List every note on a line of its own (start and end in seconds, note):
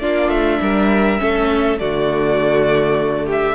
0.00 0.28 A#3
0.00 1.19 D4
0.00 0.60 F4
0.00 0.30 D5
0.28 0.58 A3
0.28 1.78 E5
0.61 1.21 G3
0.61 1.21 A#4
1.19 1.81 A3
1.19 1.78 C#4
1.19 1.80 A4
1.78 3.55 D3
1.78 3.55 A3
1.78 3.26 F#4
1.78 3.27 D5
3.26 3.55 G4
3.32 3.55 E5